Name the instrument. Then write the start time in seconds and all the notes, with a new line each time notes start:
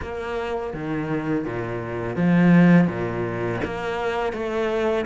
cello
0.02 A#3
0.73 D#3
1.45 A#2
2.16 F3
2.87 A#2
3.64 A#3
4.32 A3